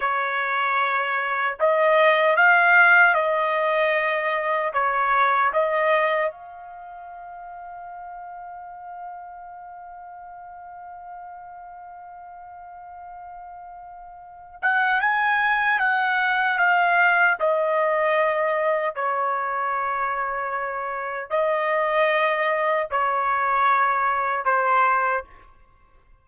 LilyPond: \new Staff \with { instrumentName = "trumpet" } { \time 4/4 \tempo 4 = 76 cis''2 dis''4 f''4 | dis''2 cis''4 dis''4 | f''1~ | f''1~ |
f''2~ f''8 fis''8 gis''4 | fis''4 f''4 dis''2 | cis''2. dis''4~ | dis''4 cis''2 c''4 | }